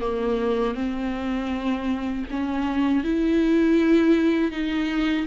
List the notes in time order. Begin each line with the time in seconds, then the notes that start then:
0.00 A#3
0.74 C4
2.30 C#4
3.03 E4
4.51 D#4